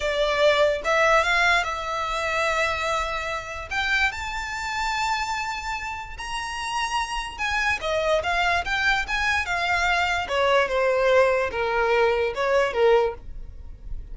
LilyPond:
\new Staff \with { instrumentName = "violin" } { \time 4/4 \tempo 4 = 146 d''2 e''4 f''4 | e''1~ | e''4 g''4 a''2~ | a''2. ais''4~ |
ais''2 gis''4 dis''4 | f''4 g''4 gis''4 f''4~ | f''4 cis''4 c''2 | ais'2 cis''4 ais'4 | }